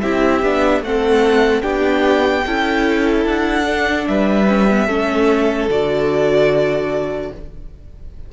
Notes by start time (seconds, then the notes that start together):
0.00 C4 E4 G4 E5
0.42 B3 D4
0.80 A3 C4 F#5
0.87 A4
1.62 B3 D4 G4 G5
2.46 C#4 E4 A4
3.25 D4 F#5
3.65 D4
4.07 G3 B4 E5
4.47 C#4
4.70 B3
4.86 A3 C#4 A4
5.69 D3 F#4 D5